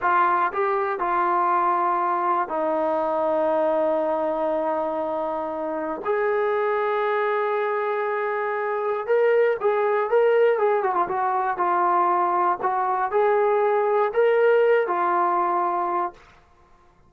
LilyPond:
\new Staff \with { instrumentName = "trombone" } { \time 4/4 \tempo 4 = 119 f'4 g'4 f'2~ | f'4 dis'2.~ | dis'1 | gis'1~ |
gis'2 ais'4 gis'4 | ais'4 gis'8 fis'16 f'16 fis'4 f'4~ | f'4 fis'4 gis'2 | ais'4. f'2~ f'8 | }